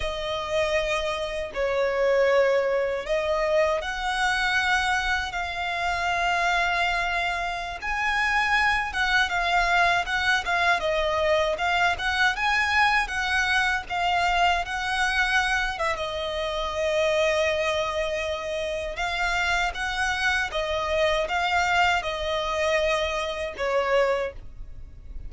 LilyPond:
\new Staff \with { instrumentName = "violin" } { \time 4/4 \tempo 4 = 79 dis''2 cis''2 | dis''4 fis''2 f''4~ | f''2~ f''16 gis''4. fis''16~ | fis''16 f''4 fis''8 f''8 dis''4 f''8 fis''16~ |
fis''16 gis''4 fis''4 f''4 fis''8.~ | fis''8. e''16 dis''2.~ | dis''4 f''4 fis''4 dis''4 | f''4 dis''2 cis''4 | }